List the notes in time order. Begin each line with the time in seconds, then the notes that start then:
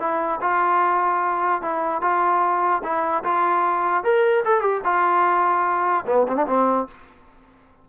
0.00 E4
0.42 F4
1.62 E4
2.02 F4
2.84 E4
3.24 F4
4.04 A#4
4.46 A4
4.61 G4
4.84 F4
6.07 B3
6.29 C4
6.36 D4
6.48 C4